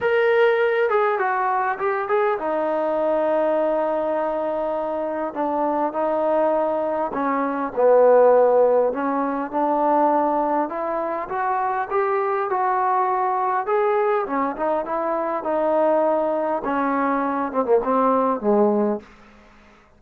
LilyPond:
\new Staff \with { instrumentName = "trombone" } { \time 4/4 \tempo 4 = 101 ais'4. gis'8 fis'4 g'8 gis'8 | dis'1~ | dis'4 d'4 dis'2 | cis'4 b2 cis'4 |
d'2 e'4 fis'4 | g'4 fis'2 gis'4 | cis'8 dis'8 e'4 dis'2 | cis'4. c'16 ais16 c'4 gis4 | }